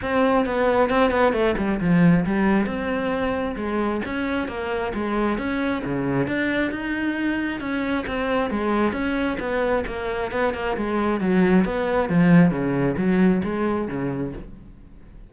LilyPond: \new Staff \with { instrumentName = "cello" } { \time 4/4 \tempo 4 = 134 c'4 b4 c'8 b8 a8 g8 | f4 g4 c'2 | gis4 cis'4 ais4 gis4 | cis'4 cis4 d'4 dis'4~ |
dis'4 cis'4 c'4 gis4 | cis'4 b4 ais4 b8 ais8 | gis4 fis4 b4 f4 | cis4 fis4 gis4 cis4 | }